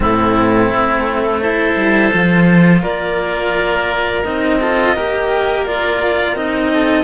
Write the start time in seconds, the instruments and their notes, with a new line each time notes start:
0.00 cello A2 C4, oboe E4, clarinet A4
0.69 cello A3
1.40 cello E4, oboe A4, clarinet C5
1.75 cello G3
2.12 cello F3 F4
2.82 cello A#3, oboe A#4, clarinet D5
4.23 cello C4 D#4, clarinet D#5
4.60 cello F4, oboe A4
4.95 cello A#3 G4, oboe A#4
5.66 cello F4, clarinet D5
6.34 cello C4 D#4, clarinet D#5
6.73 oboe A4